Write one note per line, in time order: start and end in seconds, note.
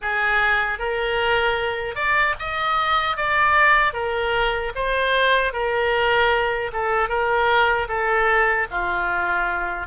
0.01 0.79 G#4
0.79 1.95 A#4
1.95 2.34 D5
2.39 3.16 D#5
3.16 3.93 D5
3.93 4.72 A#4
4.75 5.53 C5
5.53 6.71 A#4
6.72 7.08 A4
7.08 7.87 A#4
7.88 8.67 A4
8.71 9.87 F4